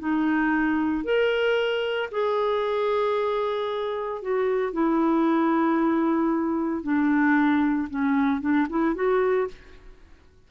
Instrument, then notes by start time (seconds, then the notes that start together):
clarinet
0.00 D#4
1.05 A#4
2.12 G#4
4.22 F#4
4.73 E4
6.83 D4
7.90 C#4
8.41 D4
8.70 E4
8.95 F#4